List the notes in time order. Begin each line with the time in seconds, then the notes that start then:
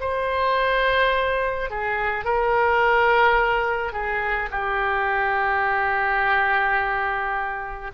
0.00 C5
1.70 G#4
2.25 A#4
3.92 G#4
4.51 G4